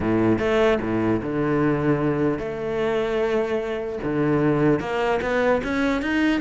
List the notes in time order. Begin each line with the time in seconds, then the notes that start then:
0.00 A2
0.39 A3
0.81 A2
1.22 D3
2.38 A3
4.03 D3
4.79 A#3
5.21 B3
5.63 C#4
6.02 D#4